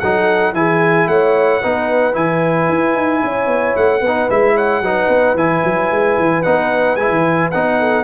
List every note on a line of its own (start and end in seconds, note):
0.00 0.53 F#3
0.00 0.55 D#4
0.00 0.54 A4
0.00 0.54 F#5
0.53 1.07 E3
0.53 1.62 E4
0.53 1.09 G#4
0.53 1.08 G#5
1.07 1.61 A3
1.07 1.61 C#5
1.07 2.15 F#5
1.61 2.15 B3
1.61 2.13 D#4
1.61 3.22 B4
2.13 2.69 E3
2.13 4.01 E4
2.13 3.76 G#5
2.69 2.96 E4
2.96 3.22 D#4
3.23 3.47 C#4
3.23 4.01 C#5
3.47 3.74 B3
3.76 4.01 A3
3.76 4.30 F#5
4.01 4.28 B3
4.01 4.54 B4
4.07 4.30 D#4
4.30 4.81 G#3
4.30 4.84 E4
4.30 4.57 E5
4.55 4.81 C#5
4.55 5.37 F#5
4.81 5.08 F#3
4.81 5.37 D#4
4.81 7.77 B4
5.09 5.34 B3
5.34 5.61 E3
5.34 6.44 E4
5.34 6.43 G#5
5.64 5.91 F#3
5.91 6.18 G#3
6.19 6.45 E3
6.43 6.96 B3
6.43 6.98 D#4
6.43 6.96 F#5
6.96 7.09 G#3
6.96 7.53 E4
6.96 7.50 G#5
7.10 7.50 E3
7.51 8.04 B3
7.51 8.04 D#4
7.51 8.04 F#5
7.79 8.04 A4